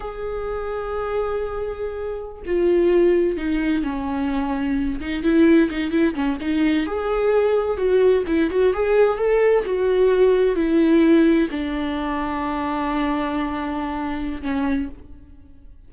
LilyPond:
\new Staff \with { instrumentName = "viola" } { \time 4/4 \tempo 4 = 129 gis'1~ | gis'4~ gis'16 f'2 dis'8.~ | dis'16 cis'2~ cis'8 dis'8 e'8.~ | e'16 dis'8 e'8 cis'8 dis'4 gis'4~ gis'16~ |
gis'8. fis'4 e'8 fis'8 gis'4 a'16~ | a'8. fis'2 e'4~ e'16~ | e'8. d'2.~ d'16~ | d'2. cis'4 | }